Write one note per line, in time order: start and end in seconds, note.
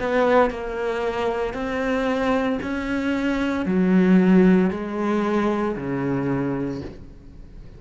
0.00 0.51 B3
0.51 1.54 A#3
1.54 2.59 C4
2.63 3.66 C#4
3.66 4.71 F#3
4.71 5.76 G#3
5.77 6.82 C#3